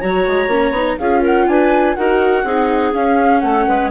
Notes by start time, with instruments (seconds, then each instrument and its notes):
0.00 bassoon F#3, viola F#4, clarinet C#5, flute A#5
0.27 bassoon G#3
0.47 bassoon A#3, viola C#4
0.70 bassoon B3, viola D#4
0.98 bassoon C#4, viola F4, clarinet G#4, flute F5
1.21 clarinet A#4, flute F#5
1.47 bassoon D4, clarinet B4, flute G#5
1.95 bassoon D#4, viola F#4, clarinet A#4, flute F#5
2.44 bassoon C4, viola D#4, clarinet G#4
2.93 bassoon C#4, viola C#4, flute F5
3.40 bassoon A3, clarinet A4, flute F#5
3.67 bassoon G#3, clarinet B4